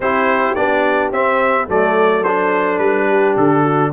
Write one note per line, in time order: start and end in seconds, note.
0.00 0.55 C4
0.00 0.56 E4
0.00 1.69 G4
0.00 0.55 C5
0.55 1.11 B3
0.55 1.12 D4
0.55 1.11 D5
1.11 1.67 C4
1.11 1.68 C4
1.11 1.68 E5
1.68 2.78 F#3
1.68 2.25 A3
1.68 3.07 A4
1.68 2.23 D5
2.23 3.92 D4
2.23 2.78 C5
2.78 3.34 G3
2.78 3.34 B4
3.07 3.62 G4
3.37 3.92 D3
3.37 3.92 A4
3.62 3.91 F#4